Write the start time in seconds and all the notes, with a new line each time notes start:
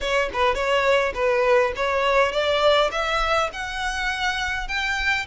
0.00 C#5
0.33 B4
0.54 C#5
1.14 B4
1.76 C#5
2.31 D5
2.91 E5
3.52 F#5
4.68 G5